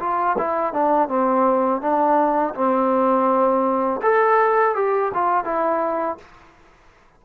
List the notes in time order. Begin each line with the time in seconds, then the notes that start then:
0.00 F4
0.38 E4
0.74 D4
1.09 C4
1.81 D4
2.55 C4
4.02 A4
4.76 G4
5.14 F4
5.45 E4